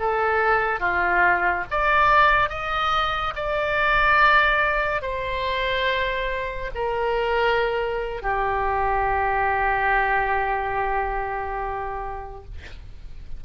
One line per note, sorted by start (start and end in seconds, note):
0.00 0.80 A4
0.80 1.65 F4
1.71 2.50 D5
2.50 3.35 D#5
3.36 5.02 D5
5.02 6.71 C5
6.75 8.23 A#4
8.23 12.45 G4